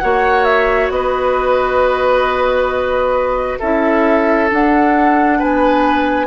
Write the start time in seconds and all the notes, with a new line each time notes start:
0.00 A#3 F#4 C#5 F#5
0.45 E5
0.90 B3 B4 D#5
3.60 C#4 E4 A4 E5
4.50 D4 F#5
5.40 B3 B4 G#5